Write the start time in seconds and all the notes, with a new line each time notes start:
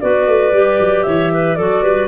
0.00 B3 F#4 B4 D5
0.27 A3
0.52 G3 G4
0.80 F#3
1.03 E3 C#5 E5
1.33 B4
1.55 F#3 F#4 A4 D5
1.82 G3 B4